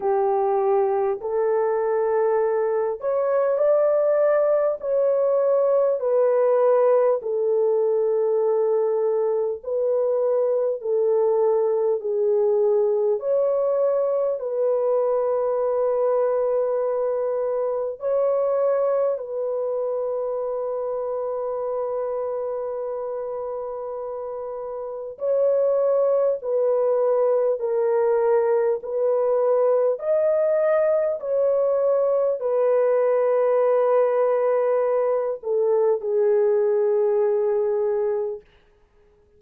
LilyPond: \new Staff \with { instrumentName = "horn" } { \time 4/4 \tempo 4 = 50 g'4 a'4. cis''8 d''4 | cis''4 b'4 a'2 | b'4 a'4 gis'4 cis''4 | b'2. cis''4 |
b'1~ | b'4 cis''4 b'4 ais'4 | b'4 dis''4 cis''4 b'4~ | b'4. a'8 gis'2 | }